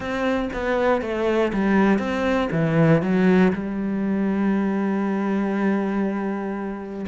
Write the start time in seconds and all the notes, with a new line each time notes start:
0.00 C4
0.53 B3
1.01 A3
1.52 G3
1.98 C4
2.51 E3
3.01 F#3
3.52 G3